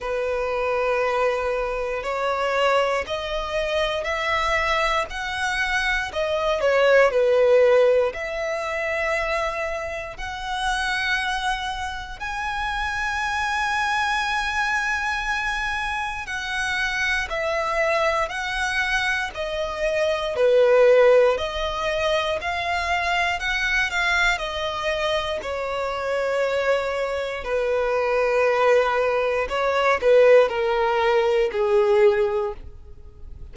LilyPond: \new Staff \with { instrumentName = "violin" } { \time 4/4 \tempo 4 = 59 b'2 cis''4 dis''4 | e''4 fis''4 dis''8 cis''8 b'4 | e''2 fis''2 | gis''1 |
fis''4 e''4 fis''4 dis''4 | b'4 dis''4 f''4 fis''8 f''8 | dis''4 cis''2 b'4~ | b'4 cis''8 b'8 ais'4 gis'4 | }